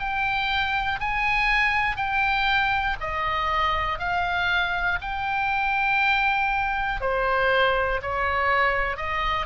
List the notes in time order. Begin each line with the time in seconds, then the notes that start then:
0.00 G5
1.00 G#5
1.97 G5
3.01 D#5
3.99 F5
5.01 G5
7.01 C5
8.02 C#5
8.97 D#5